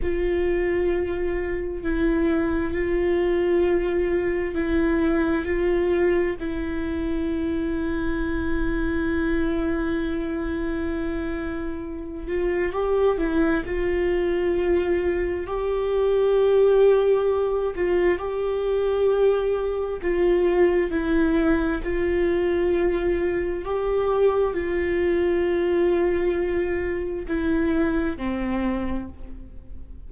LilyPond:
\new Staff \with { instrumentName = "viola" } { \time 4/4 \tempo 4 = 66 f'2 e'4 f'4~ | f'4 e'4 f'4 e'4~ | e'1~ | e'4. f'8 g'8 e'8 f'4~ |
f'4 g'2~ g'8 f'8 | g'2 f'4 e'4 | f'2 g'4 f'4~ | f'2 e'4 c'4 | }